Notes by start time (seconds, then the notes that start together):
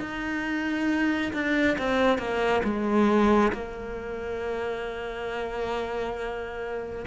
0.00 D#4
1.33 D4
1.78 C4
2.18 A#3
2.64 G#3
3.53 A#3